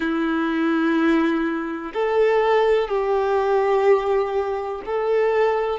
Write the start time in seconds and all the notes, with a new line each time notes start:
0.00 E4
1.93 A4
2.88 G4
4.85 A4